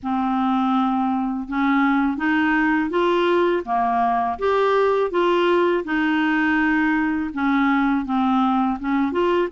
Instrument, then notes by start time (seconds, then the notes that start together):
clarinet
0.02 C4
1.48 C#4
2.17 D#4
2.90 F4
3.65 A#3
4.38 G4
5.11 F4
5.84 D#4
7.33 C#4
8.05 C4
8.79 C#4
9.11 F4